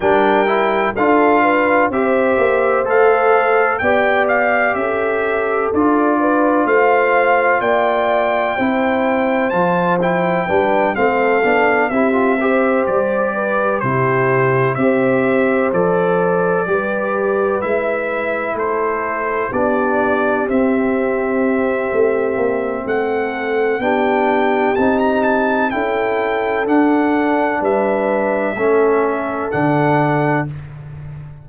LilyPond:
<<
  \new Staff \with { instrumentName = "trumpet" } { \time 4/4 \tempo 4 = 63 g''4 f''4 e''4 f''4 | g''8 f''8 e''4 d''4 f''4 | g''2 a''8 g''4 f''8~ | f''8 e''4 d''4 c''4 e''8~ |
e''8 d''2 e''4 c''8~ | c''8 d''4 e''2~ e''8 | fis''4 g''4 a''16 ais''16 a''8 g''4 | fis''4 e''2 fis''4 | }
  \new Staff \with { instrumentName = "horn" } { \time 4/4 ais'4 a'8 b'8 c''2 | d''4 a'4. b'8 c''4 | d''4 c''2 b'8 a'8~ | a'8 g'8 c''4 b'8 g'4 c''8~ |
c''4. b'2 a'8~ | a'8 g'2.~ g'8 | a'4 g'2 a'4~ | a'4 b'4 a'2 | }
  \new Staff \with { instrumentName = "trombone" } { \time 4/4 d'8 e'8 f'4 g'4 a'4 | g'2 f'2~ | f'4 e'4 f'8 e'8 d'8 c'8 | d'8 e'16 f'16 g'4. e'4 g'8~ |
g'8 a'4 g'4 e'4.~ | e'8 d'4 c'2~ c'8~ | c'4 d'4 dis'4 e'4 | d'2 cis'4 d'4 | }
  \new Staff \with { instrumentName = "tuba" } { \time 4/4 g4 d'4 c'8 ais8 a4 | b4 cis'4 d'4 a4 | ais4 c'4 f4 g8 a8 | b8 c'4 g4 c4 c'8~ |
c'8 f4 g4 gis4 a8~ | a8 b4 c'4. a8 ais8 | a4 b4 c'4 cis'4 | d'4 g4 a4 d4 | }
>>